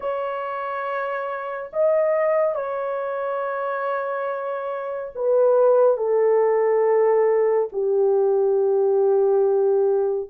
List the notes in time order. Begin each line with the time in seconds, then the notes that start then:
0.00 C#5
1.73 D#5
2.55 C#5
5.15 B4
5.97 A4
7.72 G4